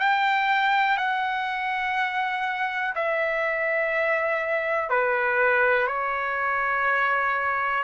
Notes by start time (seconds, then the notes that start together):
0.00 G5
0.97 F#5
2.96 E5
4.90 B4
5.87 C#5